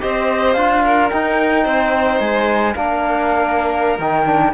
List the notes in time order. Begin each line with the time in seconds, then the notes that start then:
0.00 C4 G4 C5 D#5
0.53 D4 F4 F5
0.84 A#4
1.09 D#4 G5
1.64 C4 C5
2.19 G#3 G#5
2.74 A#3 D4 A#4 F5
3.98 D#3 D#4 G5
4.25 D4